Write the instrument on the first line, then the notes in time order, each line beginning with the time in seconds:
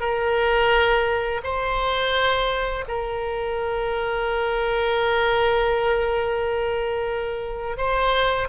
oboe
0.00 A#4
1.43 C5
2.87 A#4
7.77 C5